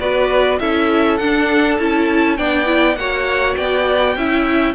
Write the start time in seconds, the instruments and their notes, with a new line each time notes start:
0.00 cello B3, viola F#4, violin B4 D5
0.60 cello C#4, viola E4, violin A4 E5
1.17 cello D4, viola D4, violin F#5
1.78 cello C#4, viola E4, violin A5
2.37 cello B3, viola D4, violin D5 G5
2.66 viola E4
2.96 cello A#3, viola F#4, violin C#5 F#5
3.56 cello B3, violin D5 G5
4.16 cello C#4, viola E4, violin E5